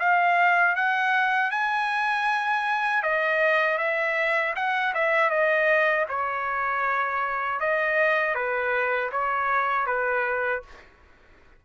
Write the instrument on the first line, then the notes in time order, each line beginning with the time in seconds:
trumpet
0.00 F5
0.76 F#5
1.52 G#5
3.03 D#5
3.78 E5
4.56 F#5
4.95 E5
5.31 D#5
6.09 C#5
7.61 D#5
8.35 B4
9.12 C#5
9.87 B4